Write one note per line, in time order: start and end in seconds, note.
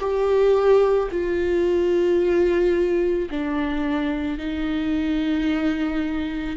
0.00 1.09 G4
1.11 3.29 F4
3.30 4.38 D4
4.38 6.57 D#4